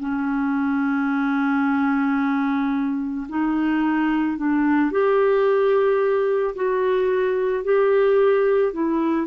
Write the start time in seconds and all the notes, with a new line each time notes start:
0.00 C#4
3.29 D#4
4.38 D4
4.91 G4
6.56 F#4
7.64 G4
8.73 E4